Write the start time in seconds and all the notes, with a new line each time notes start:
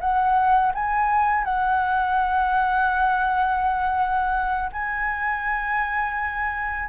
0.00 F#5
0.74 G#5
1.44 F#5
4.72 G#5